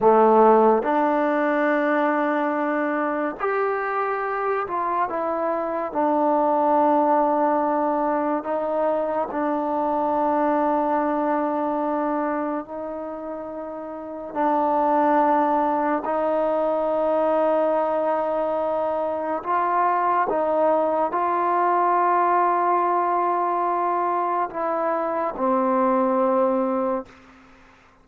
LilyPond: \new Staff \with { instrumentName = "trombone" } { \time 4/4 \tempo 4 = 71 a4 d'2. | g'4. f'8 e'4 d'4~ | d'2 dis'4 d'4~ | d'2. dis'4~ |
dis'4 d'2 dis'4~ | dis'2. f'4 | dis'4 f'2.~ | f'4 e'4 c'2 | }